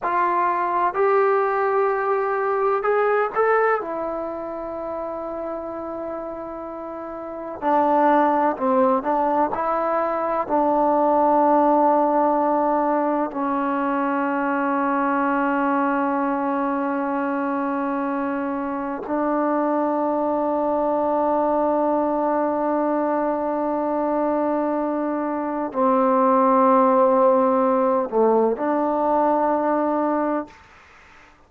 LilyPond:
\new Staff \with { instrumentName = "trombone" } { \time 4/4 \tempo 4 = 63 f'4 g'2 gis'8 a'8 | e'1 | d'4 c'8 d'8 e'4 d'4~ | d'2 cis'2~ |
cis'1 | d'1~ | d'2. c'4~ | c'4. a8 d'2 | }